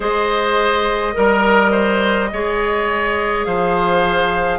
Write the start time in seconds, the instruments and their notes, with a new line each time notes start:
0.00 bassoon G#3, clarinet G#4, oboe C5, flute D#5
1.13 bassoon G3, clarinet A#4, oboe A#4
1.71 oboe C5
2.32 bassoon G#3, clarinet G#4, oboe C#5
3.45 bassoon F3, oboe C5, flute F5